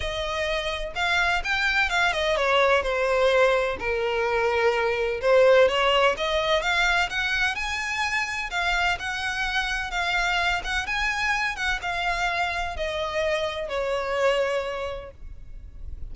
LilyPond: \new Staff \with { instrumentName = "violin" } { \time 4/4 \tempo 4 = 127 dis''2 f''4 g''4 | f''8 dis''8 cis''4 c''2 | ais'2. c''4 | cis''4 dis''4 f''4 fis''4 |
gis''2 f''4 fis''4~ | fis''4 f''4. fis''8 gis''4~ | gis''8 fis''8 f''2 dis''4~ | dis''4 cis''2. | }